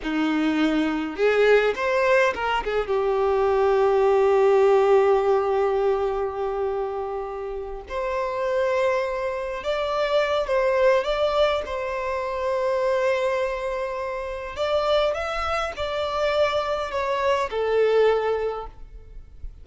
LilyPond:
\new Staff \with { instrumentName = "violin" } { \time 4/4 \tempo 4 = 103 dis'2 gis'4 c''4 | ais'8 gis'8 g'2.~ | g'1~ | g'4. c''2~ c''8~ |
c''8 d''4. c''4 d''4 | c''1~ | c''4 d''4 e''4 d''4~ | d''4 cis''4 a'2 | }